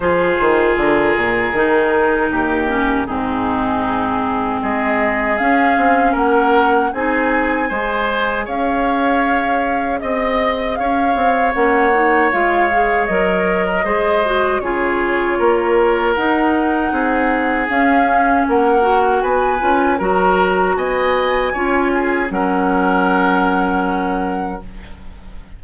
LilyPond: <<
  \new Staff \with { instrumentName = "flute" } { \time 4/4 \tempo 4 = 78 c''4 ais'2. | gis'2 dis''4 f''4 | fis''4 gis''2 f''4~ | f''4 dis''4 f''4 fis''4 |
f''4 dis''2 cis''4~ | cis''4 fis''2 f''4 | fis''4 gis''4 ais''4 gis''4~ | gis''4 fis''2. | }
  \new Staff \with { instrumentName = "oboe" } { \time 4/4 gis'2. g'4 | dis'2 gis'2 | ais'4 gis'4 c''4 cis''4~ | cis''4 dis''4 cis''2~ |
cis''4.~ cis''16 ais'16 c''4 gis'4 | ais'2 gis'2 | ais'4 b'4 ais'4 dis''4 | cis''8 gis'8 ais'2. | }
  \new Staff \with { instrumentName = "clarinet" } { \time 4/4 f'2 dis'4. cis'8 | c'2. cis'4~ | cis'4 dis'4 gis'2~ | gis'2. cis'8 dis'8 |
f'8 gis'8 ais'4 gis'8 fis'8 f'4~ | f'4 dis'2 cis'4~ | cis'8 fis'4 f'8 fis'2 | f'4 cis'2. | }
  \new Staff \with { instrumentName = "bassoon" } { \time 4/4 f8 dis8 d8 ais,8 dis4 dis,4 | gis,2 gis4 cis'8 c'8 | ais4 c'4 gis4 cis'4~ | cis'4 c'4 cis'8 c'8 ais4 |
gis4 fis4 gis4 cis4 | ais4 dis'4 c'4 cis'4 | ais4 b8 cis'8 fis4 b4 | cis'4 fis2. | }
>>